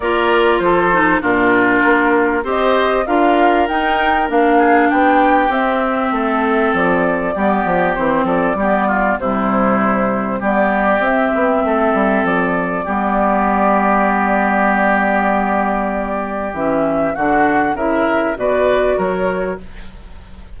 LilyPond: <<
  \new Staff \with { instrumentName = "flute" } { \time 4/4 \tempo 4 = 98 d''4 c''4 ais'2 | dis''4 f''4 g''4 f''4 | g''4 e''2 d''4~ | d''4 c''8 d''4. c''4~ |
c''4 d''4 e''2 | d''1~ | d''2. e''4 | fis''4 e''4 d''4 cis''4 | }
  \new Staff \with { instrumentName = "oboe" } { \time 4/4 ais'4 a'4 f'2 | c''4 ais'2~ ais'8 gis'8 | g'2 a'2 | g'4. a'8 g'8 f'8 e'4~ |
e'4 g'2 a'4~ | a'4 g'2.~ | g'1 | fis'4 ais'4 b'4 ais'4 | }
  \new Staff \with { instrumentName = "clarinet" } { \time 4/4 f'4. dis'8 d'2 | g'4 f'4 dis'4 d'4~ | d'4 c'2. | b4 c'4 b4 g4~ |
g4 b4 c'2~ | c'4 b2.~ | b2. cis'4 | d'4 e'4 fis'2 | }
  \new Staff \with { instrumentName = "bassoon" } { \time 4/4 ais4 f4 ais,4 ais4 | c'4 d'4 dis'4 ais4 | b4 c'4 a4 f4 | g8 f8 e8 f8 g4 c4~ |
c4 g4 c'8 b8 a8 g8 | f4 g2.~ | g2. e4 | d4 cis4 b,4 fis4 | }
>>